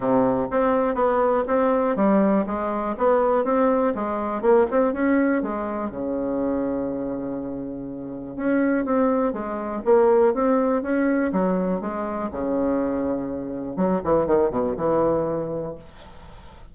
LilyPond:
\new Staff \with { instrumentName = "bassoon" } { \time 4/4 \tempo 4 = 122 c4 c'4 b4 c'4 | g4 gis4 b4 c'4 | gis4 ais8 c'8 cis'4 gis4 | cis1~ |
cis4 cis'4 c'4 gis4 | ais4 c'4 cis'4 fis4 | gis4 cis2. | fis8 e8 dis8 b,8 e2 | }